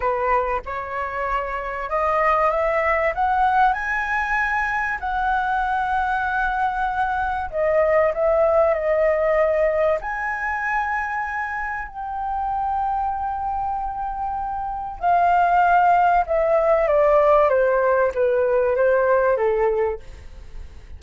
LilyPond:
\new Staff \with { instrumentName = "flute" } { \time 4/4 \tempo 4 = 96 b'4 cis''2 dis''4 | e''4 fis''4 gis''2 | fis''1 | dis''4 e''4 dis''2 |
gis''2. g''4~ | g''1 | f''2 e''4 d''4 | c''4 b'4 c''4 a'4 | }